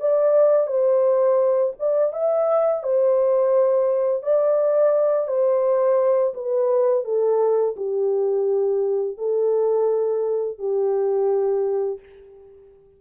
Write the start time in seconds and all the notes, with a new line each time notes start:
0.00 D5
0.67 C5
1.79 D5
2.13 E5
2.83 C5
4.23 D5
5.28 C5
6.34 B4
7.05 A4
7.77 G4
9.18 A4
10.59 G4